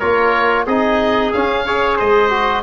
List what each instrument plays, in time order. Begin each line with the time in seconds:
0.00 tuba A#3, trombone F4, trumpet A#4, oboe C#5
0.67 tuba C4, trombone D#4, trumpet G#4, oboe D#5
1.33 trombone C#4, tuba C#4, oboe F5
1.66 trombone G#4, trumpet C#5
1.97 tuba G#3, trumpet C5, oboe D#5
2.30 trombone F#4